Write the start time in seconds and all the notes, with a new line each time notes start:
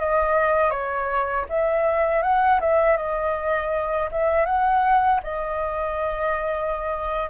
0.00 D#5
0.71 C#5
1.50 E5
2.23 F#5
2.61 E5
2.97 D#5
4.12 E5
4.46 F#5
5.24 D#5